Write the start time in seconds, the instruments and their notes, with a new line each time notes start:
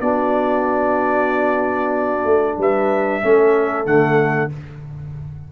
0.00 tuba B3, trombone D4, horn F#4, trumpet D5
2.25 tuba A3
2.58 tuba G3, horn B4, trumpet E5
3.22 tuba A3, trombone C#4, horn A4
3.85 tuba D3, trombone A3, trumpet F#5